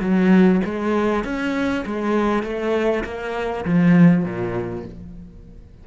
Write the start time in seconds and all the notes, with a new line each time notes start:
0.00 F#3
0.64 G#3
1.24 C#4
1.85 G#3
2.43 A3
3.04 A#3
3.64 F3
4.24 A#2